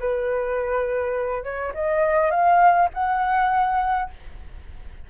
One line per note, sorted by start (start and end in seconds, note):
0.00 1.43 B4
1.43 1.72 C#5
1.74 2.31 D#5
2.31 2.89 F5
2.94 4.10 F#5